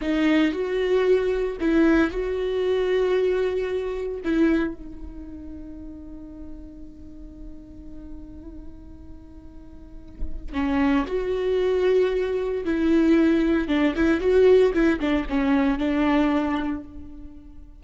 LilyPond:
\new Staff \with { instrumentName = "viola" } { \time 4/4 \tempo 4 = 114 dis'4 fis'2 e'4 | fis'1 | e'4 dis'2.~ | dis'1~ |
dis'1 | cis'4 fis'2. | e'2 d'8 e'8 fis'4 | e'8 d'8 cis'4 d'2 | }